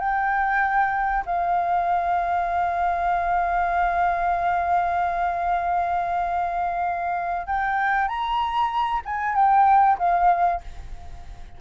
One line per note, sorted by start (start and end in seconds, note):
0.00 1.25 G5
1.26 7.47 F5
7.47 8.08 G5
8.08 9.02 A#5
9.06 9.36 G#5
9.36 9.98 G5
9.99 10.61 F5